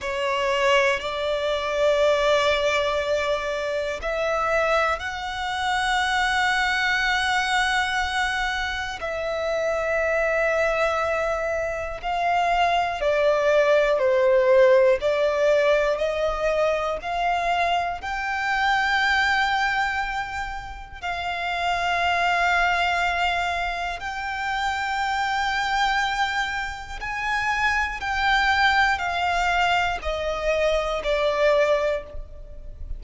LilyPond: \new Staff \with { instrumentName = "violin" } { \time 4/4 \tempo 4 = 60 cis''4 d''2. | e''4 fis''2.~ | fis''4 e''2. | f''4 d''4 c''4 d''4 |
dis''4 f''4 g''2~ | g''4 f''2. | g''2. gis''4 | g''4 f''4 dis''4 d''4 | }